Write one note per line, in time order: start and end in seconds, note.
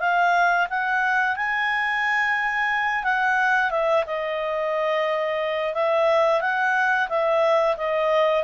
0.00 0.67 F5
0.70 1.36 F#5
1.36 3.04 G#5
3.04 3.70 F#5
3.70 4.04 E5
4.06 5.74 D#5
5.74 6.41 E5
6.41 7.08 F#5
7.09 7.76 E5
7.77 8.44 D#5